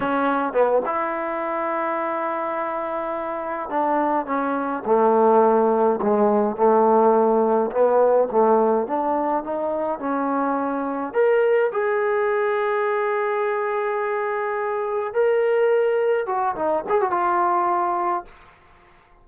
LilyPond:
\new Staff \with { instrumentName = "trombone" } { \time 4/4 \tempo 4 = 105 cis'4 b8 e'2~ e'8~ | e'2~ e'8 d'4 cis'8~ | cis'8 a2 gis4 a8~ | a4. b4 a4 d'8~ |
d'8 dis'4 cis'2 ais'8~ | ais'8 gis'2.~ gis'8~ | gis'2~ gis'8 ais'4.~ | ais'8 fis'8 dis'8 gis'16 fis'16 f'2 | }